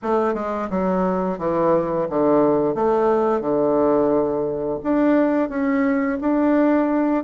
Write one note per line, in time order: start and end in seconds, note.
0.02 0.34 A3
0.34 0.68 G#3
0.70 1.38 F#3
1.38 2.07 E3
2.09 2.74 D3
2.74 3.40 A3
3.40 4.78 D3
4.83 5.49 D4
5.49 6.18 C#4
6.21 7.24 D4